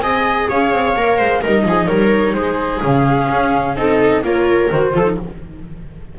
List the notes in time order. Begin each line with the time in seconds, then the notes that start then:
0.00 C4 G#4 D#5 G#5
0.48 C#4 C#5 F5
0.71 C4
0.96 A#3 A#4
1.17 G#3 C5
1.41 G3 D#4 A#4 D#5
1.64 F3 G#4
1.87 G3 A#4 C#5
2.34 G#3 G#4 C5
2.82 C#3 C#4 F5
3.29 C#4
3.75 C4 D#4 A4 D#5
4.22 A#3 F4 A#4 C#5
4.70 D#3 F#4 C5
4.93 F3 F4 A4
5.05 D#4